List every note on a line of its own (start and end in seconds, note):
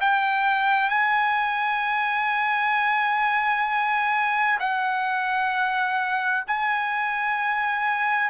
0.00 0.89 G5
0.89 4.59 G#5
4.59 6.44 F#5
6.47 8.30 G#5